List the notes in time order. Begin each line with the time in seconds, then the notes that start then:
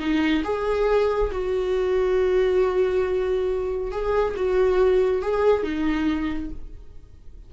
0.00 D#4
0.44 G#4
1.32 F#4
3.92 G#4
4.37 F#4
5.23 G#4
5.64 D#4